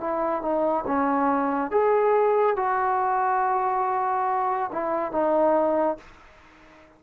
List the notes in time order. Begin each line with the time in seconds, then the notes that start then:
0.00 E4
0.42 D#4
0.86 C#4
1.71 G#4
2.56 F#4
4.72 E4
5.12 D#4